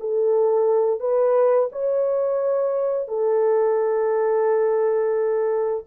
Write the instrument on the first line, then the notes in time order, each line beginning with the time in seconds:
horn
0.00 A4
1.00 B4
1.72 C#5
3.08 A4